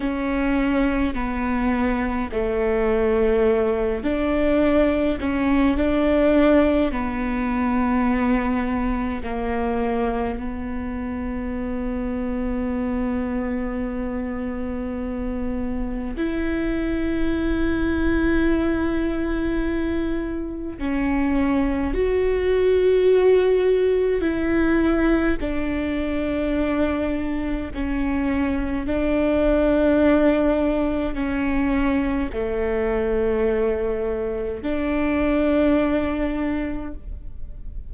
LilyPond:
\new Staff \with { instrumentName = "viola" } { \time 4/4 \tempo 4 = 52 cis'4 b4 a4. d'8~ | d'8 cis'8 d'4 b2 | ais4 b2.~ | b2 e'2~ |
e'2 cis'4 fis'4~ | fis'4 e'4 d'2 | cis'4 d'2 cis'4 | a2 d'2 | }